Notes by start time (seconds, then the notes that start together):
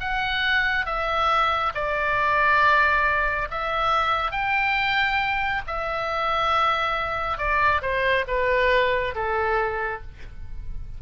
0.00 F#5
0.86 E5
1.74 D5
3.51 E5
4.31 G5
5.67 E5
7.38 D5
7.82 C5
8.28 B4
9.15 A4